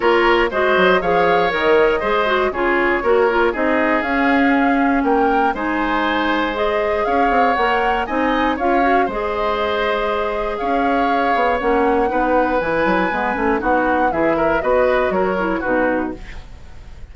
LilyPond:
<<
  \new Staff \with { instrumentName = "flute" } { \time 4/4 \tempo 4 = 119 cis''4 dis''4 f''4 dis''4~ | dis''4 cis''2 dis''4 | f''2 g''4 gis''4~ | gis''4 dis''4 f''4 fis''4 |
gis''4 f''4 dis''2~ | dis''4 f''2 fis''4~ | fis''4 gis''2 fis''4 | e''4 dis''4 cis''4 b'4 | }
  \new Staff \with { instrumentName = "oboe" } { \time 4/4 ais'4 c''4 cis''2 | c''4 gis'4 ais'4 gis'4~ | gis'2 ais'4 c''4~ | c''2 cis''2 |
dis''4 cis''4 c''2~ | c''4 cis''2. | b'2. fis'4 | gis'8 ais'8 b'4 ais'4 fis'4 | }
  \new Staff \with { instrumentName = "clarinet" } { \time 4/4 f'4 fis'4 gis'4 ais'4 | gis'8 fis'8 f'4 fis'8 f'8 dis'4 | cis'2. dis'4~ | dis'4 gis'2 ais'4 |
dis'4 f'8 fis'8 gis'2~ | gis'2. cis'4 | dis'4 e'4 b8 cis'8 dis'4 | e'4 fis'4. e'8 dis'4 | }
  \new Staff \with { instrumentName = "bassoon" } { \time 4/4 ais4 gis8 fis8 f4 dis4 | gis4 cis4 ais4 c'4 | cis'2 ais4 gis4~ | gis2 cis'8 c'8 ais4 |
c'4 cis'4 gis2~ | gis4 cis'4. b8 ais4 | b4 e8 fis8 gis8 a8 b4 | e4 b4 fis4 b,4 | }
>>